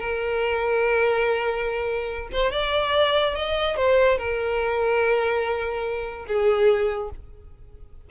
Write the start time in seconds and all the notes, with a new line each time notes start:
0.00 A#4
2.32 C5
2.52 D5
3.35 D#5
3.77 C5
4.18 A#4
6.27 G#4